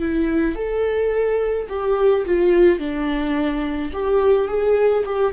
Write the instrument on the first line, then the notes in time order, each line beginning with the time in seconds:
viola
0.00 E4
0.55 A4
1.69 G4
2.26 F4
2.79 D4
3.93 G4
4.48 G#4
5.06 G4